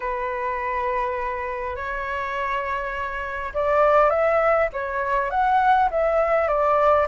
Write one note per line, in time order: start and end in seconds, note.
0.00 1.75 B4
1.75 3.52 C#5
3.54 4.10 D5
4.10 4.68 E5
4.72 5.30 C#5
5.30 5.89 F#5
5.90 6.47 E5
6.47 7.06 D5